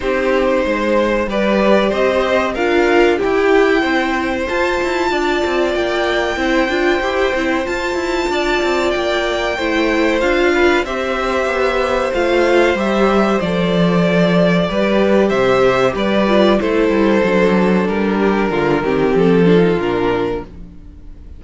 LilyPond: <<
  \new Staff \with { instrumentName = "violin" } { \time 4/4 \tempo 4 = 94 c''2 d''4 dis''4 | f''4 g''2 a''4~ | a''4 g''2. | a''2 g''2 |
f''4 e''2 f''4 | e''4 d''2. | e''4 d''4 c''2 | ais'2 a'4 ais'4 | }
  \new Staff \with { instrumentName = "violin" } { \time 4/4 g'4 c''4 b'4 c''4 | ais'4 g'4 c''2 | d''2 c''2~ | c''4 d''2 c''4~ |
c''8 b'8 c''2.~ | c''2. b'4 | c''4 b'4 a'2~ | a'8 g'8 f'8 g'4 f'4. | }
  \new Staff \with { instrumentName = "viola" } { \time 4/4 dis'2 g'2 | f'4 e'2 f'4~ | f'2 e'8 f'8 g'8 e'8 | f'2. e'4 |
f'4 g'2 f'4 | g'4 a'2 g'4~ | g'4. f'8 e'4 d'4~ | d'4. c'4 d'16 dis'16 d'4 | }
  \new Staff \with { instrumentName = "cello" } { \time 4/4 c'4 gis4 g4 c'4 | d'4 e'4 c'4 f'8 e'8 | d'8 c'8 ais4 c'8 d'8 e'8 c'8 | f'8 e'8 d'8 c'8 ais4 a4 |
d'4 c'4 b4 a4 | g4 f2 g4 | c4 g4 a8 g8 fis4 | g4 d8 dis8 f4 ais,4 | }
>>